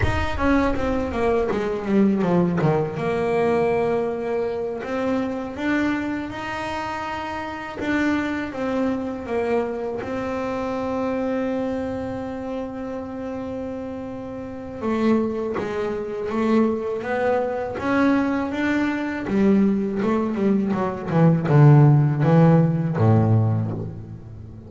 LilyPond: \new Staff \with { instrumentName = "double bass" } { \time 4/4 \tempo 4 = 81 dis'8 cis'8 c'8 ais8 gis8 g8 f8 dis8 | ais2~ ais8 c'4 d'8~ | d'8 dis'2 d'4 c'8~ | c'8 ais4 c'2~ c'8~ |
c'1 | a4 gis4 a4 b4 | cis'4 d'4 g4 a8 g8 | fis8 e8 d4 e4 a,4 | }